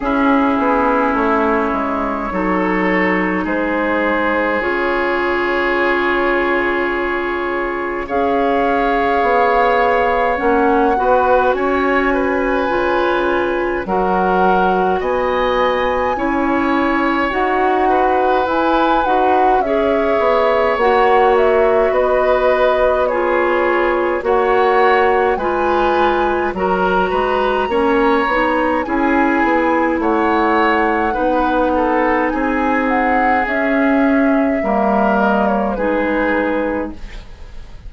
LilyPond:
<<
  \new Staff \with { instrumentName = "flute" } { \time 4/4 \tempo 4 = 52 gis'4 cis''2 c''4 | cis''2. f''4~ | f''4 fis''4 gis''2 | fis''4 gis''2 fis''4 |
gis''8 fis''8 e''4 fis''8 e''8 dis''4 | cis''4 fis''4 gis''4 ais''4~ | ais''4 gis''4 fis''2 | gis''8 fis''8 e''4. dis''16 cis''16 b'4 | }
  \new Staff \with { instrumentName = "oboe" } { \time 4/4 e'2 a'4 gis'4~ | gis'2. cis''4~ | cis''4. b'8 cis''8 b'4. | ais'4 dis''4 cis''4. b'8~ |
b'4 cis''2 b'4 | gis'4 cis''4 b'4 ais'8 b'8 | cis''4 gis'4 cis''4 b'8 a'8 | gis'2 ais'4 gis'4 | }
  \new Staff \with { instrumentName = "clarinet" } { \time 4/4 cis'2 dis'2 | f'2. gis'4~ | gis'4 cis'8 fis'4. f'4 | fis'2 e'4 fis'4 |
e'8 fis'8 gis'4 fis'2 | f'4 fis'4 f'4 fis'4 | cis'8 dis'8 e'2 dis'4~ | dis'4 cis'4 ais4 dis'4 | }
  \new Staff \with { instrumentName = "bassoon" } { \time 4/4 cis'8 b8 a8 gis8 fis4 gis4 | cis2. cis'4 | b4 ais8 b8 cis'4 cis4 | fis4 b4 cis'4 dis'4 |
e'8 dis'8 cis'8 b8 ais4 b4~ | b4 ais4 gis4 fis8 gis8 | ais8 b8 cis'8 b8 a4 b4 | c'4 cis'4 g4 gis4 | }
>>